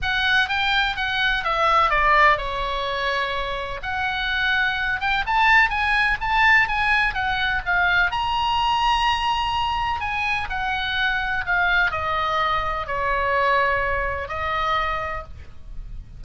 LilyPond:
\new Staff \with { instrumentName = "oboe" } { \time 4/4 \tempo 4 = 126 fis''4 g''4 fis''4 e''4 | d''4 cis''2. | fis''2~ fis''8 g''8 a''4 | gis''4 a''4 gis''4 fis''4 |
f''4 ais''2.~ | ais''4 gis''4 fis''2 | f''4 dis''2 cis''4~ | cis''2 dis''2 | }